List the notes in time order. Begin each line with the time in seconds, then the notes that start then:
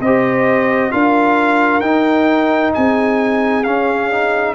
0.00 C4 G4 C5 D#5
0.91 D4 F4 A#4 F5
1.80 D#4 G5
2.74 C4 G#4 G#5
3.63 C#4 F5
4.11 D#4